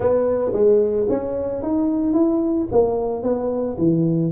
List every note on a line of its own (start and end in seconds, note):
0.00 0.52 B3
0.53 1.07 G#3
1.09 1.62 C#4
1.62 2.13 D#4
2.13 2.67 E4
2.71 3.22 A#3
3.22 3.76 B3
3.78 4.31 E3